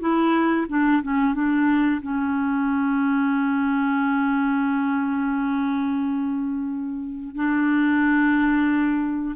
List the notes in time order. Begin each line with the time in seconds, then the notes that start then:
0.00 E4
0.69 D4
1.03 C#4
1.34 D4
2.02 C#4
7.35 D4